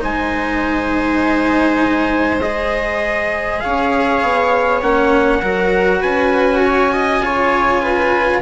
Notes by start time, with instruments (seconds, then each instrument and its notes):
0.00 bassoon G#3, cello D#4, viola C5, trumpet G#5
2.42 cello G#4, trumpet D#5
3.60 bassoon C#4, viola C#5, trumpet F5
4.23 bassoon B3
4.83 bassoon A#3, cello C#4, trumpet F#5
5.42 bassoon F#3, cello F#4, viola A#4
6.00 bassoon C#4, viola B4, trumpet G#5
6.65 viola C#5
6.94 viola D#5
7.21 bassoon C#3, cello F4, viola C#5
7.82 viola B4